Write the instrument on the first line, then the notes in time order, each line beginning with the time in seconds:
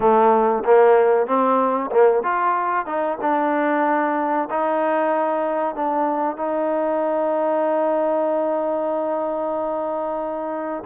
trombone
0.00 A3
0.64 A#3
1.26 C4
1.91 A#3
2.23 F4
2.86 D#4
3.21 D4
4.50 D#4
5.75 D4
6.37 D#4